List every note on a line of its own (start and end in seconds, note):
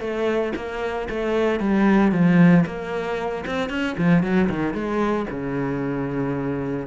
0.00 0.53 A3
0.56 1.08 A#3
1.09 1.60 A3
1.60 2.11 G3
2.11 2.64 F3
2.66 3.44 A#3
3.46 3.69 C4
3.69 3.96 C#4
3.98 4.23 F3
4.23 4.49 F#3
4.49 4.73 D#3
4.73 5.26 G#3
5.30 6.86 C#3